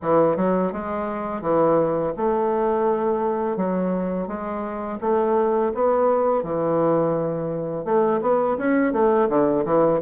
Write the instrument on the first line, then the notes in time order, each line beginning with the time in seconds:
bassoon
0.02 E3
0.36 F#3
0.72 G#3
1.41 E3
2.16 A3
3.56 F#3
4.27 G#3
5.01 A3
5.74 B3
6.43 E3
7.84 A3
8.21 B3
8.57 C#4
8.93 A3
9.29 D3
9.65 E3